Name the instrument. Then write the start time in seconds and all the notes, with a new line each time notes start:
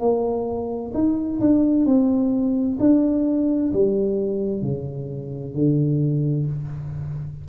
tuba
0.00 A#3
0.94 D#4
1.41 D4
1.86 C4
2.80 D4
3.73 G3
4.62 C#3
5.55 D3